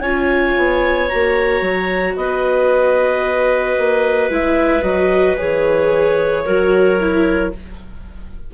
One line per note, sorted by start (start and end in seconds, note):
0.00 0.54 C#4
0.00 1.10 F4
0.00 2.15 C#5
0.00 1.08 G#5
0.57 1.11 B3
1.09 1.62 A#3
1.09 4.31 F#4
1.09 2.16 A#5
1.62 2.15 F#3
2.16 3.77 B3
2.16 6.45 B4
2.16 4.31 D#5
3.78 4.30 A#3
4.30 4.83 G#3
4.30 4.83 E4
4.30 4.83 E5
4.83 5.36 F#3
4.83 5.36 F#4
4.83 5.37 D#5
5.38 6.47 E3
5.38 6.45 G#4
5.38 7.53 C#5
6.45 7.54 F#3
6.45 7.00 F#4
6.45 7.52 A#4
7.00 7.54 E4